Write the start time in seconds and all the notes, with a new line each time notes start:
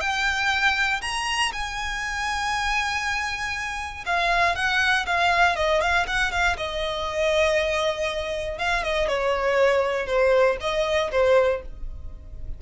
0.00 G5
1.01 A#5
1.52 G#5
4.06 F5
4.55 F#5
5.06 F5
5.56 D#5
5.81 F5
6.07 F#5
6.31 F5
6.57 D#5
8.58 F5
8.83 D#5
9.08 C#5
10.06 C5
10.60 D#5
11.11 C5